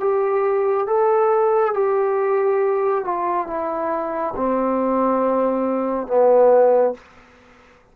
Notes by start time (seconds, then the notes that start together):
0.00 G4
0.87 A4
1.74 G4
3.04 F4
3.47 E4
4.36 C4
6.07 B3